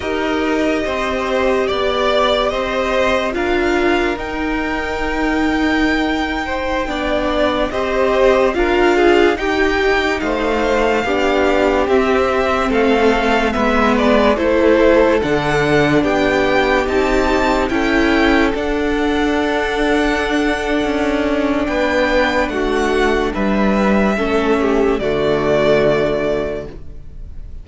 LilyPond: <<
  \new Staff \with { instrumentName = "violin" } { \time 4/4 \tempo 4 = 72 dis''2 d''4 dis''4 | f''4 g''2.~ | g''4~ g''16 dis''4 f''4 g''8.~ | g''16 f''2 e''4 f''8.~ |
f''16 e''8 d''8 c''4 fis''4 g''8.~ | g''16 a''4 g''4 fis''4.~ fis''16~ | fis''2 g''4 fis''4 | e''2 d''2 | }
  \new Staff \with { instrumentName = "violin" } { \time 4/4 ais'4 c''4 d''4 c''4 | ais'2.~ ais'8. c''16~ | c''16 d''4 c''4 ais'8 gis'8 g'8.~ | g'16 c''4 g'2 a'8.~ |
a'16 b'4 a'2 g'8.~ | g'4~ g'16 a'2~ a'8.~ | a'2 b'4 fis'4 | b'4 a'8 g'8 fis'2 | }
  \new Staff \with { instrumentName = "viola" } { \time 4/4 g'1 | f'4 dis'2.~ | dis'16 d'4 g'4 f'4 dis'8.~ | dis'4~ dis'16 d'4 c'4.~ c'16~ |
c'16 b4 e'4 d'4.~ d'16~ | d'16 dis'4 e'4 d'4.~ d'16~ | d'1~ | d'4 cis'4 a2 | }
  \new Staff \with { instrumentName = "cello" } { \time 4/4 dis'4 c'4 b4 c'4 | d'4 dis'2.~ | dis'16 b4 c'4 d'4 dis'8.~ | dis'16 a4 b4 c'4 a8.~ |
a16 gis4 a4 d4 b8.~ | b16 c'4 cis'4 d'4.~ d'16~ | d'4 cis'4 b4 a4 | g4 a4 d2 | }
>>